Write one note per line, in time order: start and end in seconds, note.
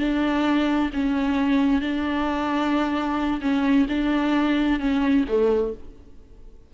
0.00 0.91 D4
0.94 1.82 C#4
1.82 3.41 D4
3.42 3.87 C#4
3.89 4.80 D4
4.80 5.25 C#4
5.29 5.74 A3